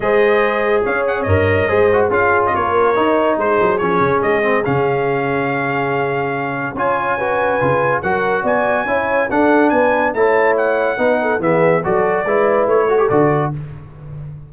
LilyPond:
<<
  \new Staff \with { instrumentName = "trumpet" } { \time 4/4 \tempo 4 = 142 dis''2 f''8 fis''8 dis''4~ | dis''4 f''8. dis''16 cis''2 | c''4 cis''4 dis''4 f''4~ | f''1 |
gis''2. fis''4 | gis''2 fis''4 gis''4 | a''4 fis''2 e''4 | d''2 cis''4 d''4 | }
  \new Staff \with { instrumentName = "horn" } { \time 4/4 c''2 cis''2 | c''4 gis'4 ais'2 | gis'1~ | gis'1 |
cis''4 b'2 ais'4 | d''4 cis''4 a'4 b'4 | cis''2 b'8 a'8 gis'4 | a'4 b'4. a'4. | }
  \new Staff \with { instrumentName = "trombone" } { \time 4/4 gis'2. ais'4 | gis'8 fis'8 f'2 dis'4~ | dis'4 cis'4. c'8 cis'4~ | cis'1 |
f'4 fis'4 f'4 fis'4~ | fis'4 e'4 d'2 | e'2 dis'4 b4 | fis'4 e'4. fis'16 g'16 fis'4 | }
  \new Staff \with { instrumentName = "tuba" } { \time 4/4 gis2 cis'4 g,4 | gis4 cis'4 ais4 dis'4 | gis8 fis8 f8 cis8 gis4 cis4~ | cis1 |
cis'2 cis4 fis4 | b4 cis'4 d'4 b4 | a2 b4 e4 | fis4 gis4 a4 d4 | }
>>